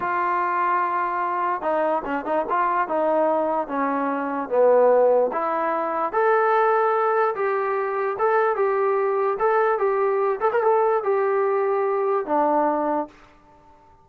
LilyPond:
\new Staff \with { instrumentName = "trombone" } { \time 4/4 \tempo 4 = 147 f'1 | dis'4 cis'8 dis'8 f'4 dis'4~ | dis'4 cis'2 b4~ | b4 e'2 a'4~ |
a'2 g'2 | a'4 g'2 a'4 | g'4. a'16 ais'16 a'4 g'4~ | g'2 d'2 | }